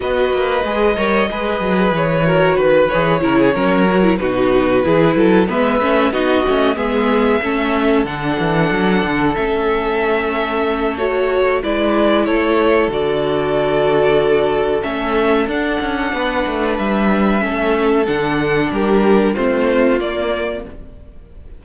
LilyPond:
<<
  \new Staff \with { instrumentName = "violin" } { \time 4/4 \tempo 4 = 93 dis''2. cis''4 | b'8 cis''2 b'4.~ | b'8 e''4 dis''4 e''4.~ | e''8 fis''2 e''4.~ |
e''4 cis''4 d''4 cis''4 | d''2. e''4 | fis''2 e''2 | fis''4 ais'4 c''4 d''4 | }
  \new Staff \with { instrumentName = "violin" } { \time 4/4 b'4. cis''8 b'4. ais'8 | b'4 ais'16 gis'16 ais'4 fis'4 gis'8 | a'8 b'4 fis'4 gis'4 a'8~ | a'1~ |
a'2 b'4 a'4~ | a'1~ | a'4 b'2 a'4~ | a'4 g'4 f'2 | }
  \new Staff \with { instrumentName = "viola" } { \time 4/4 fis'4 gis'8 ais'8 gis'4. fis'8~ | fis'8 gis'8 e'8 cis'8 fis'16 e'16 dis'4 e'8~ | e'8 b8 cis'8 dis'8 cis'8 b4 cis'8~ | cis'8 d'2 cis'4.~ |
cis'4 fis'4 e'2 | fis'2. cis'4 | d'2. cis'4 | d'2 c'4 ais4 | }
  \new Staff \with { instrumentName = "cello" } { \time 4/4 b8 ais8 gis8 g8 gis8 fis8 e4 | dis8 e8 cis8 fis4 b,4 e8 | fis8 gis8 a8 b8 a8 gis4 a8~ | a8 d8 e8 fis8 d8 a4.~ |
a2 gis4 a4 | d2. a4 | d'8 cis'8 b8 a8 g4 a4 | d4 g4 a4 ais4 | }
>>